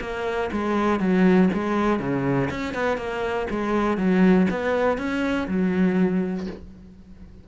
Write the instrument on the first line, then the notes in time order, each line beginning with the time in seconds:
cello
0.00 A#3
0.51 G#3
1.00 F#3
1.53 G#3
1.99 C#3
2.50 C#4
2.74 B3
2.97 A#3
3.50 G#3
3.97 F#3
4.50 B3
4.97 C#4
5.47 F#3